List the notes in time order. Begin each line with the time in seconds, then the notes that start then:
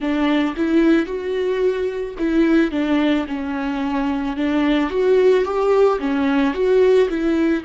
0.00 D4
0.56 E4
1.06 F#4
2.18 E4
2.71 D4
3.27 C#4
4.36 D4
4.89 F#4
5.44 G4
5.99 C#4
6.54 F#4
7.09 E4